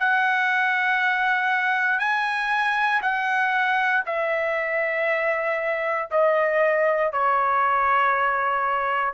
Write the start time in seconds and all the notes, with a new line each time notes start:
0.00 F#5
2.00 G#5
3.02 F#5
4.06 E5
6.11 D#5
7.13 C#5